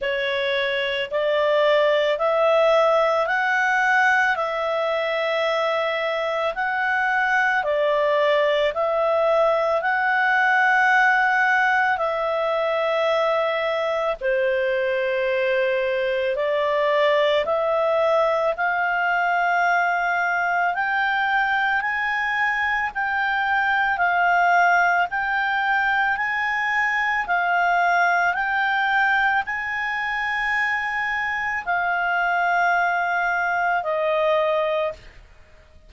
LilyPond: \new Staff \with { instrumentName = "clarinet" } { \time 4/4 \tempo 4 = 55 cis''4 d''4 e''4 fis''4 | e''2 fis''4 d''4 | e''4 fis''2 e''4~ | e''4 c''2 d''4 |
e''4 f''2 g''4 | gis''4 g''4 f''4 g''4 | gis''4 f''4 g''4 gis''4~ | gis''4 f''2 dis''4 | }